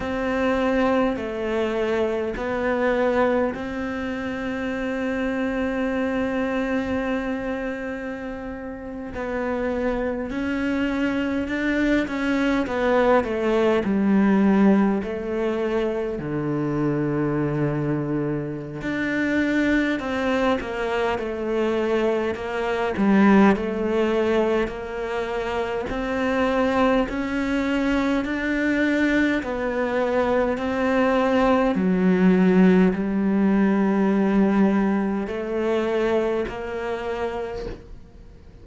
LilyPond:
\new Staff \with { instrumentName = "cello" } { \time 4/4 \tempo 4 = 51 c'4 a4 b4 c'4~ | c'2.~ c'8. b16~ | b8. cis'4 d'8 cis'8 b8 a8 g16~ | g8. a4 d2~ d16 |
d'4 c'8 ais8 a4 ais8 g8 | a4 ais4 c'4 cis'4 | d'4 b4 c'4 fis4 | g2 a4 ais4 | }